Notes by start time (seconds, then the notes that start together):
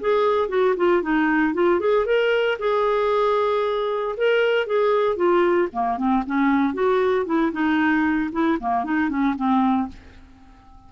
0.00 G#4
0.49 F#4
0.77 F4
1.02 D#4
1.54 F4
1.80 G#4
2.06 A#4
2.59 G#4
4.17 A#4
4.66 G#4
5.16 F4
5.73 A#3
5.97 C4
6.26 C#4
6.74 F#4
7.26 E4
7.52 D#4
8.32 E4
8.60 A#3
8.84 D#4
9.09 C#4
9.36 C4